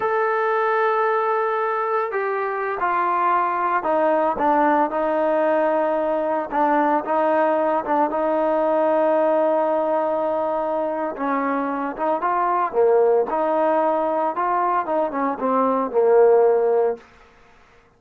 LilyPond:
\new Staff \with { instrumentName = "trombone" } { \time 4/4 \tempo 4 = 113 a'1 | g'4~ g'16 f'2 dis'8.~ | dis'16 d'4 dis'2~ dis'8.~ | dis'16 d'4 dis'4. d'8 dis'8.~ |
dis'1~ | dis'4 cis'4. dis'8 f'4 | ais4 dis'2 f'4 | dis'8 cis'8 c'4 ais2 | }